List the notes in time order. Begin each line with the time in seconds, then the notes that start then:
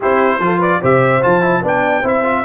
0.00 C4 E4 G4 C5
0.39 F3 F4 A4
0.58 B4 D5
0.81 C3 G4 C5 E5
1.21 F3 F4 A5
1.41 E4
1.62 B3 D4 D5 G5
2.00 C4 E4 C5
2.07 E5
2.23 F4